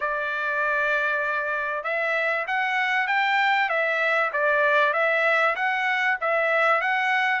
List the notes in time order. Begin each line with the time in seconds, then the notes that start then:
0.00 D5
1.83 E5
2.47 F#5
3.07 G5
3.69 E5
4.32 D5
4.93 E5
5.55 F#5
6.20 E5
6.81 F#5